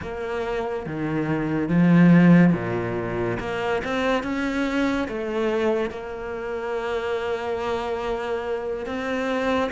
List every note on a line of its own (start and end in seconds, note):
0.02 0.86 A#3
0.86 1.68 D#3
1.68 2.53 F3
2.53 3.38 A#2
3.39 3.81 A#3
3.83 4.23 C4
4.23 5.07 C#4
5.08 5.90 A3
5.90 8.85 A#3
8.85 9.70 C4